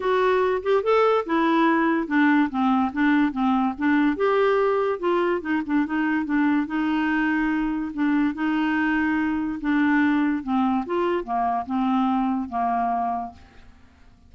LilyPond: \new Staff \with { instrumentName = "clarinet" } { \time 4/4 \tempo 4 = 144 fis'4. g'8 a'4 e'4~ | e'4 d'4 c'4 d'4 | c'4 d'4 g'2 | f'4 dis'8 d'8 dis'4 d'4 |
dis'2. d'4 | dis'2. d'4~ | d'4 c'4 f'4 ais4 | c'2 ais2 | }